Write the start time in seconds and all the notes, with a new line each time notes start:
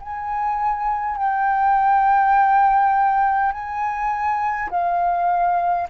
0.00 G#5
1.17 G5
3.52 G#5
4.70 F5